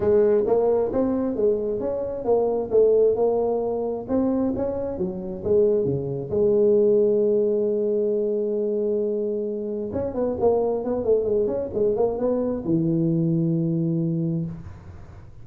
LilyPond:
\new Staff \with { instrumentName = "tuba" } { \time 4/4 \tempo 4 = 133 gis4 ais4 c'4 gis4 | cis'4 ais4 a4 ais4~ | ais4 c'4 cis'4 fis4 | gis4 cis4 gis2~ |
gis1~ | gis2 cis'8 b8 ais4 | b8 a8 gis8 cis'8 gis8 ais8 b4 | e1 | }